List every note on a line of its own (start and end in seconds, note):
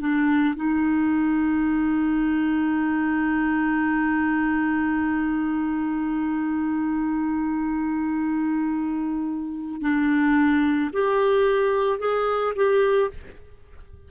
0.00 0.55 D4
0.56 9.82 D#4
9.82 10.91 D4
10.93 11.99 G4
11.99 12.54 G#4
12.56 13.11 G4